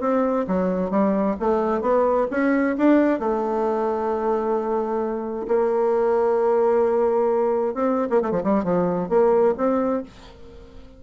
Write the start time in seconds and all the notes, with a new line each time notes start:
0.00 C4
0.47 F#3
0.90 G3
1.40 A3
1.81 B3
2.30 C#4
2.78 D4
3.19 A3
5.48 A#3
7.74 C4
8.10 A#3
8.22 A3
8.31 F3
8.43 G3
8.63 F3
9.09 A#3
9.57 C4